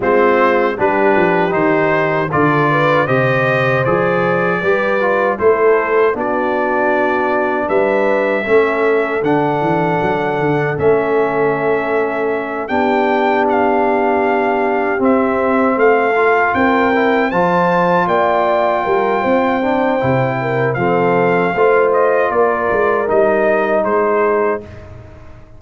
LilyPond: <<
  \new Staff \with { instrumentName = "trumpet" } { \time 4/4 \tempo 4 = 78 c''4 b'4 c''4 d''4 | dis''4 d''2 c''4 | d''2 e''2 | fis''2 e''2~ |
e''8 g''4 f''2 e''8~ | e''8 f''4 g''4 a''4 g''8~ | g''2. f''4~ | f''8 dis''8 d''4 dis''4 c''4 | }
  \new Staff \with { instrumentName = "horn" } { \time 4/4 f'4 g'2 a'8 b'8 | c''2 b'4 a'4 | fis'2 b'4 a'4~ | a'1~ |
a'8 g'2.~ g'8~ | g'8 a'4 ais'4 c''4 d''8~ | d''8 ais'8 c''4. ais'8 a'4 | c''4 ais'2 gis'4 | }
  \new Staff \with { instrumentName = "trombone" } { \time 4/4 c'4 d'4 dis'4 f'4 | g'4 gis'4 g'8 f'8 e'4 | d'2. cis'4 | d'2 cis'2~ |
cis'8 d'2. c'8~ | c'4 f'4 e'8 f'4.~ | f'4. d'8 e'4 c'4 | f'2 dis'2 | }
  \new Staff \with { instrumentName = "tuba" } { \time 4/4 gis4 g8 f8 dis4 d4 | c4 f4 g4 a4 | b2 g4 a4 | d8 e8 fis8 d8 a2~ |
a8 b2. c'8~ | c'8 a4 c'4 f4 ais8~ | ais8 g8 c'4 c4 f4 | a4 ais8 gis8 g4 gis4 | }
>>